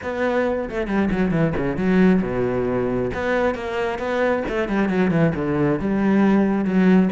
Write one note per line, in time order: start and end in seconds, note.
0.02 0.69 B3
0.69 0.87 A3
0.87 1.09 G3
1.11 1.31 F#3
1.31 1.53 E3
1.56 1.77 C#3
1.77 2.21 F#3
2.22 3.11 B2
3.14 3.55 B3
3.55 3.99 A#3
3.99 4.43 B3
4.48 4.68 A3
4.68 4.88 G3
4.88 5.11 F#3
5.11 5.33 E3
5.35 5.79 D3
5.79 6.64 G3
6.64 7.09 F#3